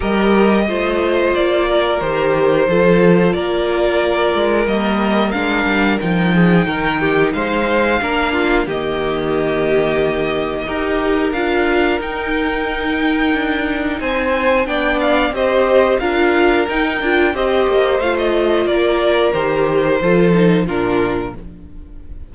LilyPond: <<
  \new Staff \with { instrumentName = "violin" } { \time 4/4 \tempo 4 = 90 dis''2 d''4 c''4~ | c''4 d''2 dis''4 | f''4 g''2 f''4~ | f''4 dis''2.~ |
dis''4 f''4 g''2~ | g''4 gis''4 g''8 f''8 dis''4 | f''4 g''4 dis''4 f''16 dis''8. | d''4 c''2 ais'4 | }
  \new Staff \with { instrumentName = "violin" } { \time 4/4 ais'4 c''4. ais'4. | a'4 ais'2.~ | ais'4. gis'8 ais'8 g'8 c''4 | ais'8 f'8 g'2. |
ais'1~ | ais'4 c''4 d''4 c''4 | ais'2 c''2 | ais'2 a'4 f'4 | }
  \new Staff \with { instrumentName = "viola" } { \time 4/4 g'4 f'2 g'4 | f'2. ais4 | d'4 dis'2. | d'4 ais2. |
g'4 f'4 dis'2~ | dis'2 d'4 g'4 | f'4 dis'8 f'8 g'4 f'4~ | f'4 g'4 f'8 dis'8 d'4 | }
  \new Staff \with { instrumentName = "cello" } { \time 4/4 g4 a4 ais4 dis4 | f4 ais4. gis8 g4 | gis8 g8 f4 dis4 gis4 | ais4 dis2. |
dis'4 d'4 dis'2 | d'4 c'4 b4 c'4 | d'4 dis'8 d'8 c'8 ais8 a4 | ais4 dis4 f4 ais,4 | }
>>